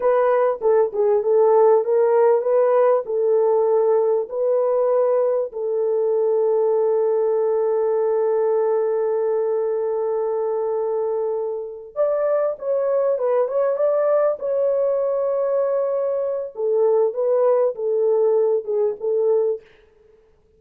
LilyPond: \new Staff \with { instrumentName = "horn" } { \time 4/4 \tempo 4 = 98 b'4 a'8 gis'8 a'4 ais'4 | b'4 a'2 b'4~ | b'4 a'2.~ | a'1~ |
a'2.~ a'8 d''8~ | d''8 cis''4 b'8 cis''8 d''4 cis''8~ | cis''2. a'4 | b'4 a'4. gis'8 a'4 | }